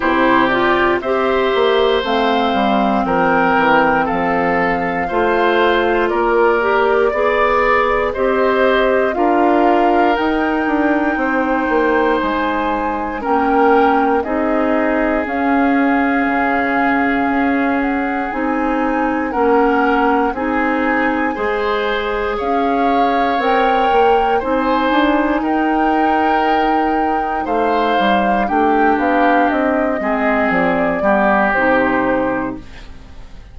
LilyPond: <<
  \new Staff \with { instrumentName = "flute" } { \time 4/4 \tempo 4 = 59 c''8 d''8 e''4 f''4 g''4 | f''2 d''2 | dis''4 f''4 g''2 | gis''4 g''4 dis''4 f''4~ |
f''4. fis''8 gis''4 fis''4 | gis''2 f''4 g''4 | gis''4 g''2 f''4 | g''8 f''8 dis''4 d''4 c''4 | }
  \new Staff \with { instrumentName = "oboe" } { \time 4/4 g'4 c''2 ais'4 | a'4 c''4 ais'4 d''4 | c''4 ais'2 c''4~ | c''4 ais'4 gis'2~ |
gis'2. ais'4 | gis'4 c''4 cis''2 | c''4 ais'2 c''4 | g'4. gis'4 g'4. | }
  \new Staff \with { instrumentName = "clarinet" } { \time 4/4 e'8 f'8 g'4 c'2~ | c'4 f'4. g'8 gis'4 | g'4 f'4 dis'2~ | dis'4 cis'4 dis'4 cis'4~ |
cis'2 dis'4 cis'4 | dis'4 gis'2 ais'4 | dis'1 | d'4. c'4 b8 dis'4 | }
  \new Staff \with { instrumentName = "bassoon" } { \time 4/4 c4 c'8 ais8 a8 g8 f8 e8 | f4 a4 ais4 b4 | c'4 d'4 dis'8 d'8 c'8 ais8 | gis4 ais4 c'4 cis'4 |
cis4 cis'4 c'4 ais4 | c'4 gis4 cis'4 c'8 ais8 | c'8 d'8 dis'2 a8 g8 | a8 b8 c'8 gis8 f8 g8 c4 | }
>>